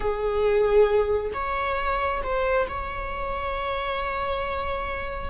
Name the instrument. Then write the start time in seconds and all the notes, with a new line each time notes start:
viola
0.00 G#4
1.33 C#5
2.23 C5
2.68 C#5